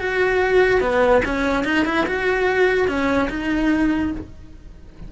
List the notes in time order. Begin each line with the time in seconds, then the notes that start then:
0.00 F#4
0.81 B3
1.26 C#4
1.65 D#4
1.86 E4
2.07 F#4
2.88 C#4
3.30 D#4